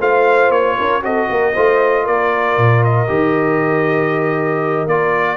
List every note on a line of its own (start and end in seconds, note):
0.00 0.50 A3
0.00 1.02 F4
0.00 0.77 C5
0.00 0.51 F5
0.50 0.76 A#3
0.50 1.03 C#5
0.78 1.02 C#4
0.78 1.04 A#4
1.02 1.28 C4
1.02 1.53 F#4
1.02 1.30 A4
1.02 2.07 D#5
1.29 1.55 A#3
1.29 1.54 A#4
1.54 2.08 A3
1.54 3.07 F4
1.54 2.04 C5
2.04 2.57 A#3
2.04 5.37 A#4
2.04 2.84 D5
2.57 3.08 A#2
2.84 4.88 D#5
3.07 4.86 D#3
3.07 4.87 G4
4.86 5.37 A#3
4.86 5.37 F4
4.86 5.37 D5